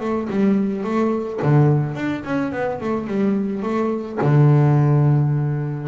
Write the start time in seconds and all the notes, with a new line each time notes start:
0.00 A3
0.30 G3
0.84 A3
1.42 D3
1.95 D4
2.24 C#4
2.52 B3
2.80 A3
3.07 G3
3.63 A3
4.22 D3